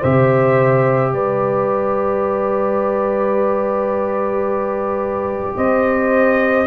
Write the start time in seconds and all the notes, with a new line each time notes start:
0.00 C3 G4 C5 E5
1.13 G3 B4 D5
5.56 C4 C5 D#5